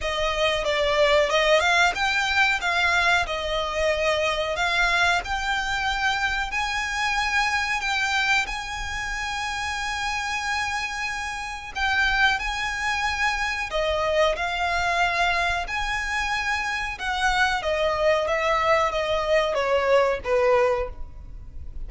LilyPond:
\new Staff \with { instrumentName = "violin" } { \time 4/4 \tempo 4 = 92 dis''4 d''4 dis''8 f''8 g''4 | f''4 dis''2 f''4 | g''2 gis''2 | g''4 gis''2.~ |
gis''2 g''4 gis''4~ | gis''4 dis''4 f''2 | gis''2 fis''4 dis''4 | e''4 dis''4 cis''4 b'4 | }